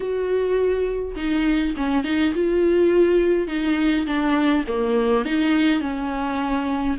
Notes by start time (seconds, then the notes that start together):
0.00 F#4
1.16 D#4
1.76 C#4
2.04 D#4
2.34 F4
3.47 D#4
4.06 D4
4.67 A#3
5.25 D#4
5.80 C#4